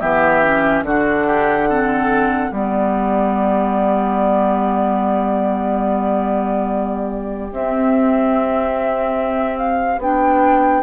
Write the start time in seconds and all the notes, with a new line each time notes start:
0.00 E3 B3 G4 E5
0.43 C#4
0.82 D3 D4 F#4 F#5
1.27 G4
1.68 C4 A4
2.50 G3 B3 G4 D5
7.52 C4 E5
9.58 F5
9.98 B3 D4 G5